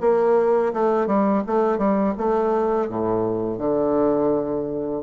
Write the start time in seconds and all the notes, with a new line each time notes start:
0.00 A#3
0.73 A3
1.06 G3
1.46 A3
1.77 G3
2.17 A3
2.88 A2
3.58 D3